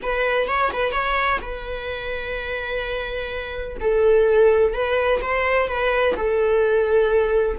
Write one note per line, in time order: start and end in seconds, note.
0.02 0.47 B4
0.47 0.71 C#5
0.73 0.91 B4
0.91 1.39 C#5
1.41 3.77 B4
3.80 4.73 A4
4.73 5.20 B4
5.21 5.67 C5
5.67 6.15 B4
6.16 7.58 A4